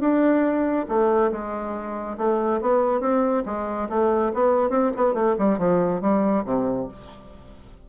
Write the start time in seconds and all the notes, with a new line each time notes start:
0.00 D4
0.89 A3
1.32 G#3
2.18 A3
2.61 B3
3.00 C4
3.46 G#3
3.89 A3
4.34 B3
4.70 C4
4.96 B3
5.14 A3
5.38 G3
5.58 F3
6.01 G3
6.45 C3